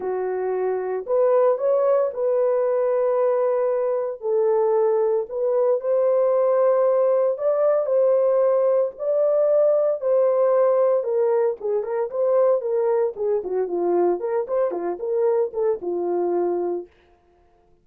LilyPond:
\new Staff \with { instrumentName = "horn" } { \time 4/4 \tempo 4 = 114 fis'2 b'4 cis''4 | b'1 | a'2 b'4 c''4~ | c''2 d''4 c''4~ |
c''4 d''2 c''4~ | c''4 ais'4 gis'8 ais'8 c''4 | ais'4 gis'8 fis'8 f'4 ais'8 c''8 | f'8 ais'4 a'8 f'2 | }